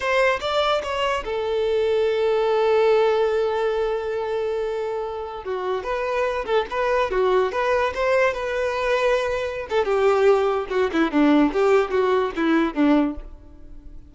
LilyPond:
\new Staff \with { instrumentName = "violin" } { \time 4/4 \tempo 4 = 146 c''4 d''4 cis''4 a'4~ | a'1~ | a'1~ | a'4~ a'16 fis'4 b'4. a'16~ |
a'16 b'4 fis'4 b'4 c''8.~ | c''16 b'2.~ b'16 a'8 | g'2 fis'8 e'8 d'4 | g'4 fis'4 e'4 d'4 | }